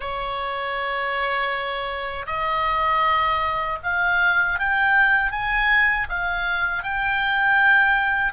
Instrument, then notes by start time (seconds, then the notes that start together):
oboe
0.00 C#5
2.26 D#5
3.83 F5
4.59 G5
5.31 G#5
6.09 F5
6.83 G5